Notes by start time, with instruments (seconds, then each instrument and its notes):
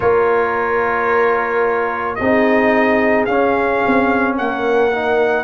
0.00 tuba A#3, trombone F4, horn A#4, trumpet C#5
2.15 tuba C4, trombone D#4, horn G#4, trumpet D#5
3.25 tuba C#4, trombone C#4, trumpet F5
3.86 tuba C4
4.37 tuba A#3, horn A#4, trumpet F#5
4.92 trombone D#4